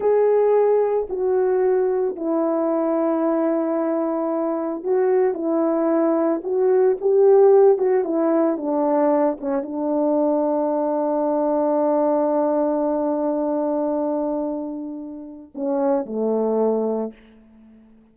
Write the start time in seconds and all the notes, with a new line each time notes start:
0.00 G#4
1.09 F#4
2.16 E4
4.83 F#4
5.34 E4
6.43 F#4
7.01 G4
7.78 F#4
8.04 E4
8.57 D4
9.40 C#4
9.62 D4
15.54 C#4
16.05 A3